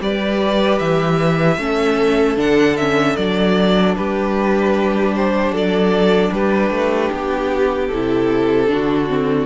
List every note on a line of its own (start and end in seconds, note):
0.00 0.79 G3
0.00 1.58 G4
0.00 1.61 B4
0.00 0.79 D5
0.79 1.58 E3
0.79 2.37 E5
1.58 2.36 A3
1.58 2.36 C#4
1.58 3.96 A4
2.36 3.15 D3
2.36 2.76 D4
2.36 2.76 F#5
2.76 3.18 C#4
2.76 3.16 E5
3.16 3.96 F#3
3.16 7.93 D4
3.16 3.95 D5
3.96 5.51 G3
3.96 5.52 G4
3.96 5.14 B4
5.14 5.54 C5
5.51 6.30 F#3
5.51 6.31 A4
5.51 6.33 D5
6.31 6.70 G3
6.31 8.71 G4
6.31 7.12 B4
6.70 7.10 A3
7.12 7.90 B3
7.12 7.88 G4
7.88 8.70 C3
7.88 8.67 E4
7.88 9.46 A4
8.67 9.46 D3
8.67 9.06 D4
8.73 9.46 F#4
9.08 9.46 C4